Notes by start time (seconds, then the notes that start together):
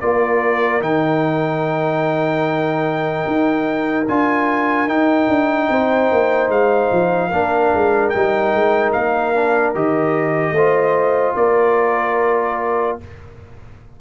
0.00 A#3 F4 A#4 D5
0.80 D#3 D#4 G5
3.26 D#4
4.07 D4 F4 G#5
4.86 D#4 G5
5.28 D4
5.69 C4 C5
6.11 A#3
6.48 G#3 F5
6.91 F3
7.28 A#3 D4 A#4
7.73 G#3
8.09 G3 D#4 G5
8.54 G#3
8.92 A#3 F5
9.34 D4
9.74 D#3 G4 D#5
10.51 A3 C5
10.57 F4
11.35 A#3 A#4 D5